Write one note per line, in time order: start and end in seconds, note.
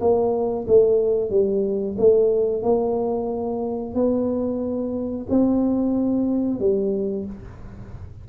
0.00 0.66 A#3
0.67 1.30 A3
1.30 1.96 G3
1.98 2.63 A3
2.63 3.94 A#3
3.95 5.27 B3
5.30 6.60 C4
6.60 7.26 G3